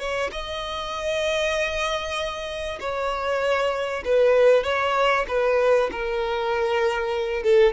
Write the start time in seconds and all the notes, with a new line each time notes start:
0.00 C#5
0.32 D#5
2.80 C#5
4.05 B4
4.64 C#5
5.28 B4
5.92 A#4
7.43 A4